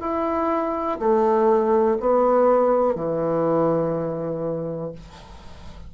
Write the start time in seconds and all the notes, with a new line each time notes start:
0.00 E4
0.99 A3
1.99 B3
2.95 E3